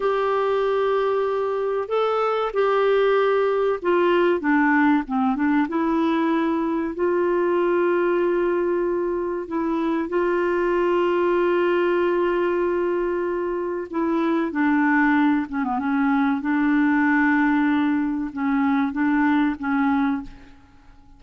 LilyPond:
\new Staff \with { instrumentName = "clarinet" } { \time 4/4 \tempo 4 = 95 g'2. a'4 | g'2 f'4 d'4 | c'8 d'8 e'2 f'4~ | f'2. e'4 |
f'1~ | f'2 e'4 d'4~ | d'8 cis'16 b16 cis'4 d'2~ | d'4 cis'4 d'4 cis'4 | }